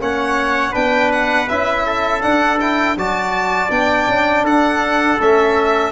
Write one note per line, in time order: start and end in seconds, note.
0.00 0.74 A#3
0.00 0.72 C#4
0.00 0.72 C#5
0.00 0.74 F#5
0.72 1.49 B3
0.72 1.46 D4
0.72 1.83 B4
0.72 1.11 G5
1.12 1.48 F#5
1.48 2.24 C#4
1.48 2.21 E4
1.48 2.21 E5
1.86 2.97 A4
2.21 2.58 D4
2.21 2.96 D4
2.21 2.58 F#5
2.60 2.97 E4
2.60 2.97 G5
2.96 3.70 F#3
2.96 3.69 F#4
2.96 4.44 D5
2.96 3.71 A5
3.69 4.07 B3
3.69 5.17 D4
3.69 4.45 G5
4.08 4.44 C#4
4.44 5.18 D4
4.44 5.92 A4
4.44 5.20 F#5
5.20 5.92 A3
5.20 5.92 C#4
5.20 5.92 E5